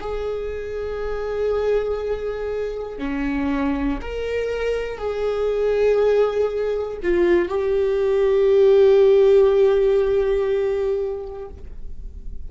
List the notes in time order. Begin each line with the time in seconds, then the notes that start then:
0.00 G#4
2.98 C#4
4.01 A#4
4.98 G#4
7.03 F4
7.48 G4